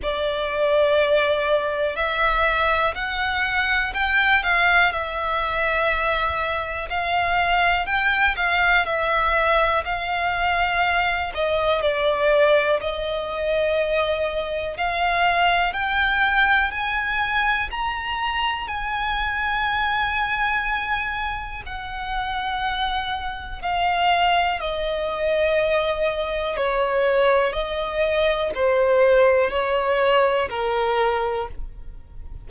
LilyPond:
\new Staff \with { instrumentName = "violin" } { \time 4/4 \tempo 4 = 61 d''2 e''4 fis''4 | g''8 f''8 e''2 f''4 | g''8 f''8 e''4 f''4. dis''8 | d''4 dis''2 f''4 |
g''4 gis''4 ais''4 gis''4~ | gis''2 fis''2 | f''4 dis''2 cis''4 | dis''4 c''4 cis''4 ais'4 | }